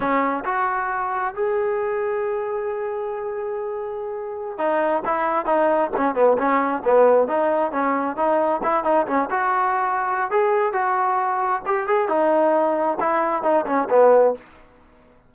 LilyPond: \new Staff \with { instrumentName = "trombone" } { \time 4/4 \tempo 4 = 134 cis'4 fis'2 gis'4~ | gis'1~ | gis'2~ gis'16 dis'4 e'8.~ | e'16 dis'4 cis'8 b8 cis'4 b8.~ |
b16 dis'4 cis'4 dis'4 e'8 dis'16~ | dis'16 cis'8 fis'2~ fis'16 gis'4 | fis'2 g'8 gis'8 dis'4~ | dis'4 e'4 dis'8 cis'8 b4 | }